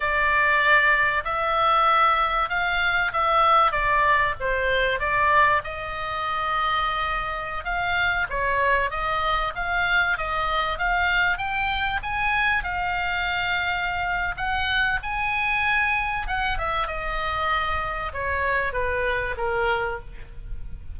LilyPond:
\new Staff \with { instrumentName = "oboe" } { \time 4/4 \tempo 4 = 96 d''2 e''2 | f''4 e''4 d''4 c''4 | d''4 dis''2.~ | dis''16 f''4 cis''4 dis''4 f''8.~ |
f''16 dis''4 f''4 g''4 gis''8.~ | gis''16 f''2~ f''8. fis''4 | gis''2 fis''8 e''8 dis''4~ | dis''4 cis''4 b'4 ais'4 | }